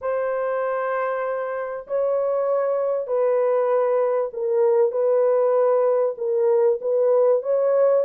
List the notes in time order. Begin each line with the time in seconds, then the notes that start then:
0.01 C5
1.87 C#5
3.07 B4
4.33 A#4
4.91 B4
6.17 A#4
6.81 B4
7.42 C#5